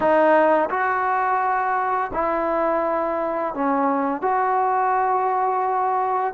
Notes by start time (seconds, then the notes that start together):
0.00 D#4
0.70 F#4
2.13 E4
3.54 C#4
4.21 F#4